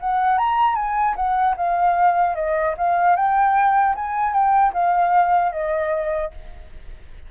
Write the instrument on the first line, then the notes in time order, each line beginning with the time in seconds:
flute
0.00 F#5
0.38 A#5
0.75 G#5
1.16 F#5
1.57 F5
2.35 D#5
2.77 F5
3.16 G5
3.95 G#5
4.33 G5
4.73 F5
5.52 D#5